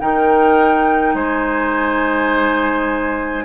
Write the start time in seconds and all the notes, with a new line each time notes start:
0.00 D#3 D#4 A#4 G5
1.15 G#3 C5 G#5